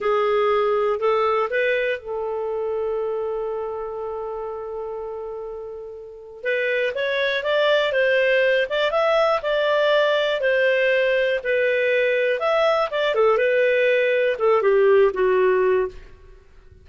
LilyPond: \new Staff \with { instrumentName = "clarinet" } { \time 4/4 \tempo 4 = 121 gis'2 a'4 b'4 | a'1~ | a'1~ | a'4 b'4 cis''4 d''4 |
c''4. d''8 e''4 d''4~ | d''4 c''2 b'4~ | b'4 e''4 d''8 a'8 b'4~ | b'4 a'8 g'4 fis'4. | }